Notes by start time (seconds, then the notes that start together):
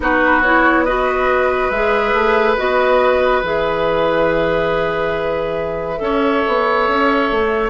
0.00 B3 D#4 F#4 B4
0.42 E4 C#5
0.84 F#4 B4 D#5
1.69 G#3 G#4 E5
2.13 A3
2.56 B3 F#4 D#5
3.42 E3 G#4 E5
5.97 C#4 A4 C#5
6.46 B3
6.88 C#4
7.31 A3